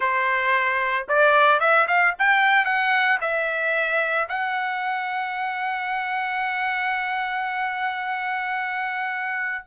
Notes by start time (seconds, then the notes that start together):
0.00 C5
1.08 D5
1.59 E5
1.87 F5
2.18 G5
2.65 F#5
3.20 E5
4.29 F#5